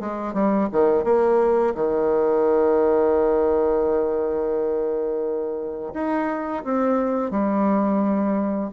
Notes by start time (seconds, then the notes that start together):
0.00 G#3
0.34 G3
0.72 D#3
1.04 A#3
1.75 D#3
5.94 D#4
6.64 C4
7.31 G3